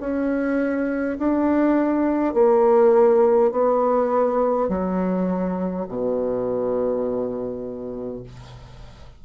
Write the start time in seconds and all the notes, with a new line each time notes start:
0.00 C#4
1.18 D4
2.34 A#3
3.51 B3
4.68 F#3
5.88 B2